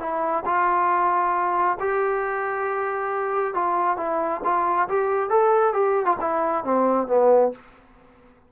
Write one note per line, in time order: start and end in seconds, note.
0.00 0.44 E4
0.46 1.78 F4
1.80 3.55 G4
3.55 3.97 F4
3.97 4.41 E4
4.44 4.89 F4
4.89 5.30 G4
5.30 5.74 A4
5.74 6.06 G4
6.06 6.17 F4
6.21 6.64 E4
6.64 7.08 C4
7.08 7.52 B3